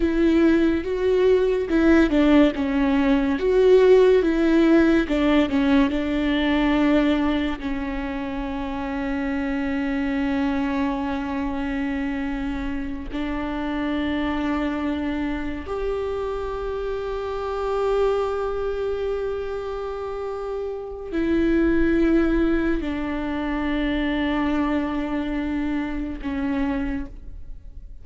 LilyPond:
\new Staff \with { instrumentName = "viola" } { \time 4/4 \tempo 4 = 71 e'4 fis'4 e'8 d'8 cis'4 | fis'4 e'4 d'8 cis'8 d'4~ | d'4 cis'2.~ | cis'2.~ cis'8 d'8~ |
d'2~ d'8 g'4.~ | g'1~ | g'4 e'2 d'4~ | d'2. cis'4 | }